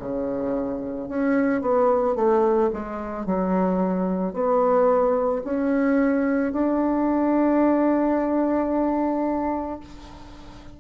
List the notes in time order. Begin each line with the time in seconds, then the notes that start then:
0.00 C#3
1.09 C#4
1.62 B3
2.16 A3
2.74 G#3
3.26 F#3
4.34 B3
5.44 C#4
6.53 D4